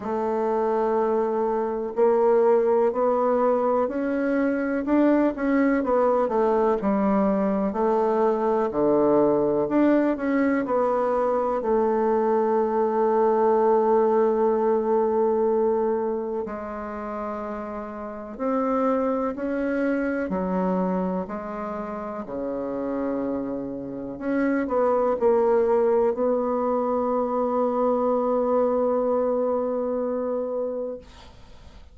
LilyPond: \new Staff \with { instrumentName = "bassoon" } { \time 4/4 \tempo 4 = 62 a2 ais4 b4 | cis'4 d'8 cis'8 b8 a8 g4 | a4 d4 d'8 cis'8 b4 | a1~ |
a4 gis2 c'4 | cis'4 fis4 gis4 cis4~ | cis4 cis'8 b8 ais4 b4~ | b1 | }